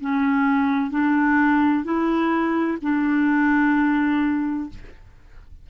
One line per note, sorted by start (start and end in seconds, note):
0.00 0.90 C#4
0.90 1.84 D4
1.84 2.77 E4
2.82 4.69 D4